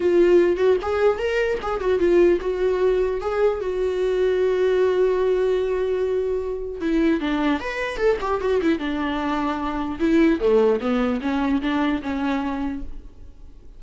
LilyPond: \new Staff \with { instrumentName = "viola" } { \time 4/4 \tempo 4 = 150 f'4. fis'8 gis'4 ais'4 | gis'8 fis'8 f'4 fis'2 | gis'4 fis'2.~ | fis'1~ |
fis'4 e'4 d'4 b'4 | a'8 g'8 fis'8 e'8 d'2~ | d'4 e'4 a4 b4 | cis'4 d'4 cis'2 | }